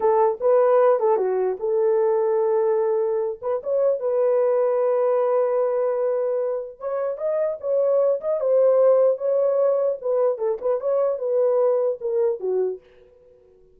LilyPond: \new Staff \with { instrumentName = "horn" } { \time 4/4 \tempo 4 = 150 a'4 b'4. a'8 fis'4 | a'1~ | a'8 b'8 cis''4 b'2~ | b'1~ |
b'4 cis''4 dis''4 cis''4~ | cis''8 dis''8 c''2 cis''4~ | cis''4 b'4 a'8 b'8 cis''4 | b'2 ais'4 fis'4 | }